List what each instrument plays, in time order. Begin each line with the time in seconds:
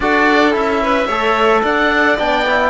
0.00 cello D4, trombone F#4, violin A4, oboe D5
0.51 cello C#4, trombone E4, oboe E5
0.82 violin B4
1.06 cello A3, trombone A4, violin C#5
1.62 cello D4, violin D5, oboe F#5
2.17 cello B3, trombone D4, oboe G5
2.46 trombone E4